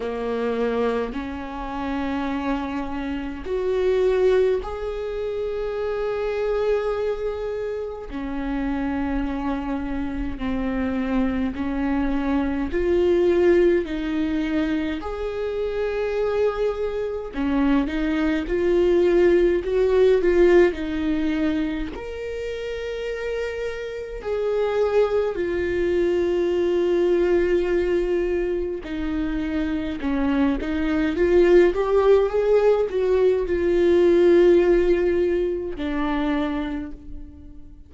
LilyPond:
\new Staff \with { instrumentName = "viola" } { \time 4/4 \tempo 4 = 52 ais4 cis'2 fis'4 | gis'2. cis'4~ | cis'4 c'4 cis'4 f'4 | dis'4 gis'2 cis'8 dis'8 |
f'4 fis'8 f'8 dis'4 ais'4~ | ais'4 gis'4 f'2~ | f'4 dis'4 cis'8 dis'8 f'8 g'8 | gis'8 fis'8 f'2 d'4 | }